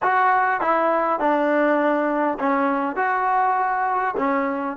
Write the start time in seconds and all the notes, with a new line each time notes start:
0.02 F#4
0.60 E4
1.19 D4
2.39 C#4
2.95 F#4
4.17 C#4